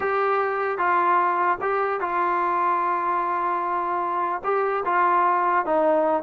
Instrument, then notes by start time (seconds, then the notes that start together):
trombone
0.00 G4
0.78 F4
1.61 G4
2.00 F4
4.43 G4
4.85 F4
5.65 D#4